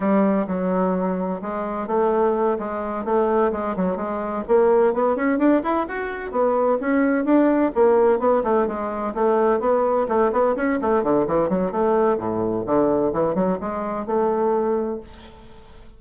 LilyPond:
\new Staff \with { instrumentName = "bassoon" } { \time 4/4 \tempo 4 = 128 g4 fis2 gis4 | a4. gis4 a4 gis8 | fis8 gis4 ais4 b8 cis'8 d'8 | e'8 fis'4 b4 cis'4 d'8~ |
d'8 ais4 b8 a8 gis4 a8~ | a8 b4 a8 b8 cis'8 a8 d8 | e8 fis8 a4 a,4 d4 | e8 fis8 gis4 a2 | }